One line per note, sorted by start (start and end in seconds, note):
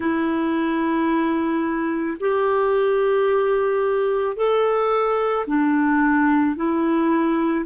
0.00 2.17 E4
2.20 4.36 G4
4.36 5.45 A4
5.46 6.56 D4
6.56 7.65 E4